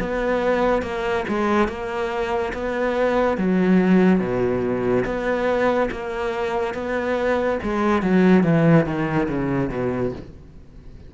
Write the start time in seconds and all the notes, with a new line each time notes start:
0.00 B3
0.83 A#3
1.29 G#3
1.69 A#3
2.54 B3
3.38 F#3
4.20 B2
5.06 B3
5.92 A#3
6.75 B3
7.64 G#3
8.03 F#3
8.44 E3
8.86 D#3
9.29 C#3
9.70 B2